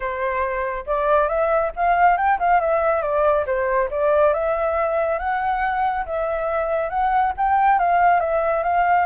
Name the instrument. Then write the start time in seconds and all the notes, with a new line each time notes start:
flute
0.00 C5
0.86 D5
1.28 E5
1.76 F5
2.17 G5
2.39 F5
2.60 E5
3.01 D5
3.46 C5
3.90 D5
4.33 E5
5.18 F#5
6.05 E5
6.89 F#5
7.37 G5
7.78 F5
8.20 E5
8.63 F5